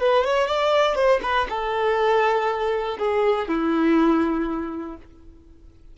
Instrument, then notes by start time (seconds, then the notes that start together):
violin
0.00 B4
0.24 C#5
0.48 D5
0.95 C5
1.22 B4
1.49 A4
2.99 G#4
3.48 E4